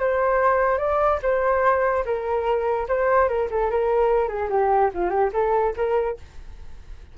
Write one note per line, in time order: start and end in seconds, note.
0.00 0.78 C5
0.78 1.20 D5
1.23 2.05 C5
2.05 2.88 A#4
2.89 3.29 C5
3.29 3.49 A#4
3.51 3.71 A4
3.71 4.29 A#4
4.29 4.49 G#4
4.50 4.91 G4
4.94 5.10 F4
5.10 5.31 G4
5.33 5.74 A4
5.76 6.18 A#4